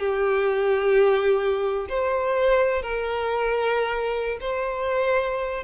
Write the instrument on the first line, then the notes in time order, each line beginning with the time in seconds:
violin
0.00 G4
1.89 C5
2.82 A#4
4.41 C5